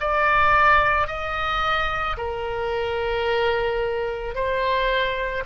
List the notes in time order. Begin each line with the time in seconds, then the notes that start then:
0.00 D5
1.07 D#5
2.17 A#4
4.34 C5